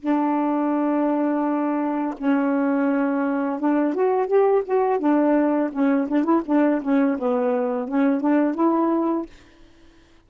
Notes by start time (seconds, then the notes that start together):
0.00 D4
2.18 C#4
3.60 D4
3.94 F#4
4.27 G4
4.65 F#4
4.99 D4
5.72 C#4
6.08 D4
6.24 E4
6.46 D4
6.82 C#4
7.19 B3
7.88 C#4
8.20 D4
8.55 E4